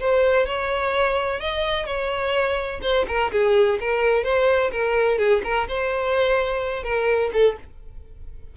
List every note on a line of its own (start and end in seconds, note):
0.00 0.46 C5
0.46 1.40 C#5
1.40 1.86 D#5
1.86 2.80 C#5
2.82 3.05 C5
3.08 3.31 A#4
3.32 3.79 G#4
3.80 4.23 A#4
4.23 4.71 C5
4.71 5.18 A#4
5.18 5.41 G#4
5.44 5.67 A#4
5.68 6.83 C5
6.83 7.30 A#4
7.33 7.56 A4